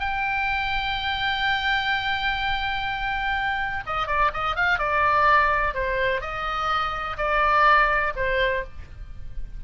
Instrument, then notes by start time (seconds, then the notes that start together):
oboe
0.00 G5
3.87 D#5
4.07 D5
4.34 D#5
4.56 F5
4.79 D5
5.74 C5
6.21 D#5
7.18 D5
8.16 C5